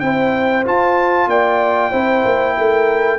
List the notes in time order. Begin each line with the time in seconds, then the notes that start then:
0.00 C4 E4 C5 G5
0.65 F4 A5
1.27 A#3 D5 G5
1.90 C4 E4 C5
2.25 A#3
2.57 A3 A#4